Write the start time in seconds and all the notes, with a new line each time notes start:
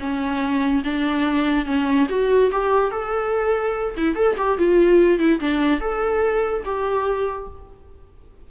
0.00 C#4
0.84 D4
1.66 C#4
2.10 F#4
2.52 G4
2.91 A4
3.97 E4
4.16 A4
4.37 G4
4.59 F4
5.19 E4
5.41 D4
5.81 A4
6.65 G4